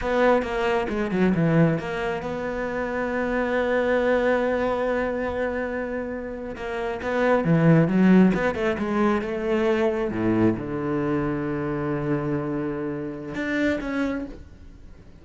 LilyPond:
\new Staff \with { instrumentName = "cello" } { \time 4/4 \tempo 4 = 135 b4 ais4 gis8 fis8 e4 | ais4 b2.~ | b1~ | b2~ b8. ais4 b16~ |
b8. e4 fis4 b8 a8 gis16~ | gis8. a2 a,4 d16~ | d1~ | d2 d'4 cis'4 | }